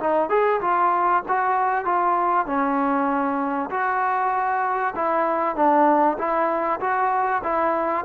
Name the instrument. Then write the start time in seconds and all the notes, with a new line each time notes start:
trombone
0.00 D#4
0.30 G#4
0.61 F4
1.28 F#4
1.85 F4
2.46 C#4
3.71 F#4
4.96 E4
5.56 D4
6.18 E4
6.81 F#4
7.43 E4